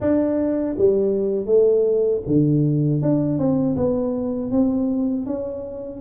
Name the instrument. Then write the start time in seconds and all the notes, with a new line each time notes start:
tuba
0.00 D4
0.77 G3
1.46 A3
2.26 D3
3.01 D4
3.38 C4
3.76 B3
4.51 C4
5.26 C#4